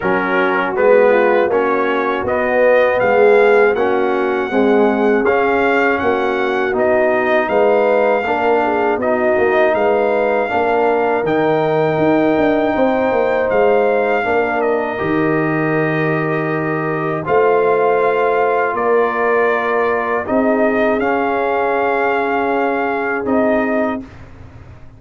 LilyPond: <<
  \new Staff \with { instrumentName = "trumpet" } { \time 4/4 \tempo 4 = 80 ais'4 b'4 cis''4 dis''4 | f''4 fis''2 f''4 | fis''4 dis''4 f''2 | dis''4 f''2 g''4~ |
g''2 f''4. dis''8~ | dis''2. f''4~ | f''4 d''2 dis''4 | f''2. dis''4 | }
  \new Staff \with { instrumentName = "horn" } { \time 4/4 fis'4. f'8 fis'2 | gis'4 fis'4 gis'2 | fis'2 b'4 ais'8 gis'8 | fis'4 b'4 ais'2~ |
ais'4 c''2 ais'4~ | ais'2. c''4~ | c''4 ais'2 gis'4~ | gis'1 | }
  \new Staff \with { instrumentName = "trombone" } { \time 4/4 cis'4 b4 cis'4 b4~ | b4 cis'4 gis4 cis'4~ | cis'4 dis'2 d'4 | dis'2 d'4 dis'4~ |
dis'2. d'4 | g'2. f'4~ | f'2. dis'4 | cis'2. dis'4 | }
  \new Staff \with { instrumentName = "tuba" } { \time 4/4 fis4 gis4 ais4 b4 | gis4 ais4 c'4 cis'4 | ais4 b4 gis4 ais4 | b8 ais8 gis4 ais4 dis4 |
dis'8 d'8 c'8 ais8 gis4 ais4 | dis2. a4~ | a4 ais2 c'4 | cis'2. c'4 | }
>>